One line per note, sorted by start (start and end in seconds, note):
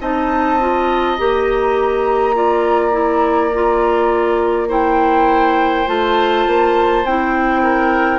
0.00 1.18 C4
0.00 0.59 D#4
0.00 2.36 D#5
0.00 1.18 A5
0.60 1.18 F4
1.18 5.87 A#3
1.18 2.34 G4
1.18 4.71 A#5
2.34 2.92 F4
2.34 4.68 D5
2.92 3.50 E4
3.54 4.68 F4
4.68 5.86 E4
4.68 7.62 C5
4.68 5.88 G5
5.87 6.46 A3
5.87 7.04 F4
5.87 7.05 A5
6.47 7.04 A#3
7.04 8.19 C4
7.04 8.19 E4
7.04 8.19 G5
7.63 8.19 A#4